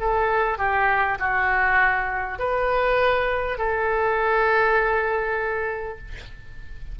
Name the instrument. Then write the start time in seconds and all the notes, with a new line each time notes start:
oboe
0.00 A4
0.58 G4
1.19 F#4
2.38 B4
3.58 A4